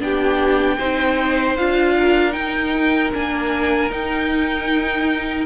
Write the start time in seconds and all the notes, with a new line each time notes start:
0.00 B3 D4 G4 G5
0.78 C4 D#4 C5
1.57 D4 F4 F5
1.99 A#4
2.32 D#4 G5
3.14 A#3 D4 G#5
3.91 D#4 G5